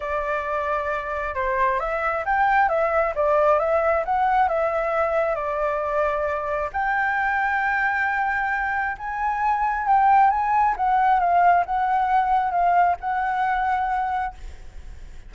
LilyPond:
\new Staff \with { instrumentName = "flute" } { \time 4/4 \tempo 4 = 134 d''2. c''4 | e''4 g''4 e''4 d''4 | e''4 fis''4 e''2 | d''2. g''4~ |
g''1 | gis''2 g''4 gis''4 | fis''4 f''4 fis''2 | f''4 fis''2. | }